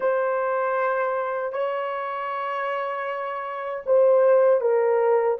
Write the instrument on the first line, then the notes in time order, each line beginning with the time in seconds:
horn
0.00 C5
1.52 C#5
3.86 C5
4.60 A#4